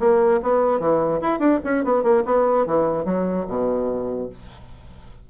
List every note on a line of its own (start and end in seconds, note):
0.00 0.41 A#3
0.42 0.80 B3
0.80 1.21 E3
1.21 1.40 E4
1.40 1.60 D4
1.64 1.85 C#4
1.85 2.04 B3
2.04 2.24 A#3
2.25 2.66 B3
2.66 3.05 E3
3.05 3.46 F#3
3.48 4.29 B2